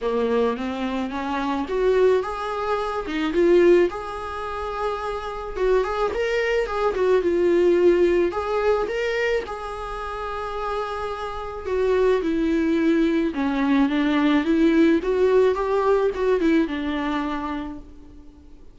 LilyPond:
\new Staff \with { instrumentName = "viola" } { \time 4/4 \tempo 4 = 108 ais4 c'4 cis'4 fis'4 | gis'4. dis'8 f'4 gis'4~ | gis'2 fis'8 gis'8 ais'4 | gis'8 fis'8 f'2 gis'4 |
ais'4 gis'2.~ | gis'4 fis'4 e'2 | cis'4 d'4 e'4 fis'4 | g'4 fis'8 e'8 d'2 | }